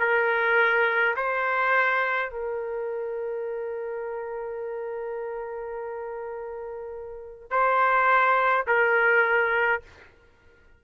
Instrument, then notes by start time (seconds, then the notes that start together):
trumpet
0.00 A#4
1.17 C5
2.31 A#4
7.51 C5
8.67 A#4